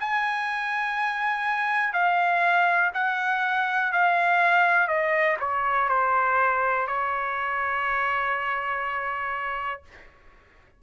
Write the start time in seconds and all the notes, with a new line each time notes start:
0.00 G#5
1.93 F5
2.94 F#5
3.92 F5
4.87 D#5
5.40 C#5
5.89 C5
6.87 C#5